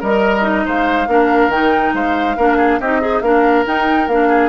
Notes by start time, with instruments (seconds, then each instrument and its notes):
0.00 bassoon G3, oboe A#4, flute D#5
0.06 clarinet A#4
0.42 clarinet D#4
0.65 bassoon G#3, oboe C5, flute F5
1.07 bassoon A#3, clarinet D4, oboe A#4
1.48 bassoon D#3, clarinet D#4, flute G5
1.94 bassoon G#3, oboe C5, flute F5
2.37 bassoon A#3, clarinet D4, oboe A#4
2.57 oboe G#4
2.80 bassoon C4, clarinet D#4, oboe G4, flute D#5
3.01 oboe D#4, clarinet G#4
3.21 bassoon A#3, clarinet D4, oboe A#4, flute F5
3.66 clarinet D#4, bassoon D#4, flute G5
4.08 bassoon A#3, clarinet D4, flute F5
4.29 oboe G#4